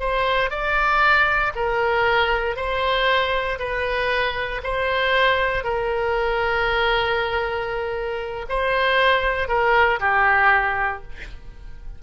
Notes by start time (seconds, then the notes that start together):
0.00 C5
0.51 D5
1.56 A#4
2.56 C5
3.59 B4
4.64 C5
5.64 A#4
8.49 C5
9.48 A#4
10.00 G4